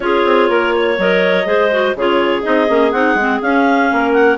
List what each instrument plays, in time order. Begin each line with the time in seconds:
0.00 bassoon C#4, clarinet F4 G#4 C#5
0.25 bassoon C4
0.49 bassoon A#3, clarinet A#4
0.74 clarinet C#5
0.98 bassoon F#3, clarinet A#4 D#5
1.45 bassoon G#3, clarinet G#4 C5
1.71 clarinet F#4
1.95 bassoon C#3, clarinet F4 G#4 C#5
2.42 bassoon C4, clarinet D#4 D#5
2.68 bassoon A#3, clarinet C#4
2.91 bassoon C4, clarinet D#4 F#5
3.14 bassoon G#3, clarinet C4
3.41 bassoon C#4, clarinet C#4 F5
3.92 bassoon A#3, clarinet A#4
4.13 clarinet F#5